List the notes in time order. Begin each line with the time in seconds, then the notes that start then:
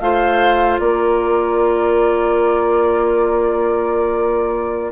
0.00 A3 F4 C5 F5
0.79 A#3 A#4 D5